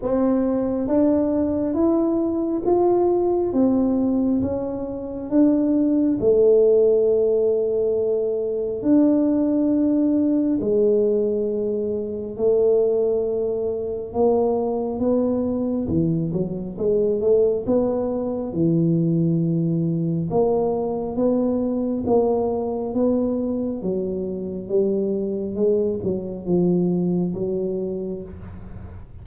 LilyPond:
\new Staff \with { instrumentName = "tuba" } { \time 4/4 \tempo 4 = 68 c'4 d'4 e'4 f'4 | c'4 cis'4 d'4 a4~ | a2 d'2 | gis2 a2 |
ais4 b4 e8 fis8 gis8 a8 | b4 e2 ais4 | b4 ais4 b4 fis4 | g4 gis8 fis8 f4 fis4 | }